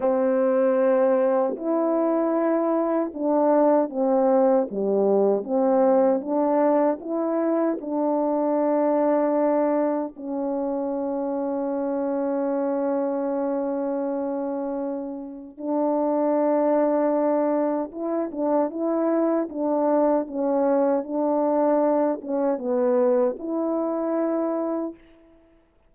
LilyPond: \new Staff \with { instrumentName = "horn" } { \time 4/4 \tempo 4 = 77 c'2 e'2 | d'4 c'4 g4 c'4 | d'4 e'4 d'2~ | d'4 cis'2.~ |
cis'1 | d'2. e'8 d'8 | e'4 d'4 cis'4 d'4~ | d'8 cis'8 b4 e'2 | }